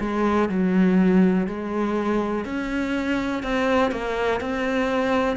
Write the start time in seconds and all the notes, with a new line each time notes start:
0.00 G#3
0.49 F#3
1.47 G#3
2.45 C#4
3.43 C4
3.92 A#3
4.40 C4